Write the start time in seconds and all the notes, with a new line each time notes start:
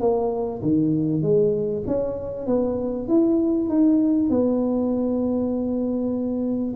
0.00 A#3
0.62 D#3
1.22 G#3
1.86 C#4
2.47 B3
3.08 E4
3.69 D#4
4.30 B3